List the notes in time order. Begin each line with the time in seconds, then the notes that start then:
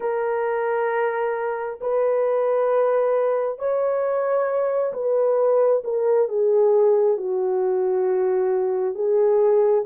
0.00 A#4
1.81 B4
3.58 C#5
4.93 B4
5.84 A#4
6.28 G#4
7.16 F#4
8.94 G#4